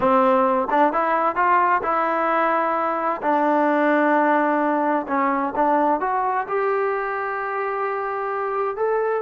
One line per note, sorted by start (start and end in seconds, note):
0.00 0.68 C4
0.70 0.92 D4
0.92 1.35 E4
1.35 1.81 F4
1.82 3.21 E4
3.21 5.06 D4
5.07 5.53 C#4
5.55 6.00 D4
6.00 6.46 F#4
6.47 8.76 G4
8.76 9.22 A4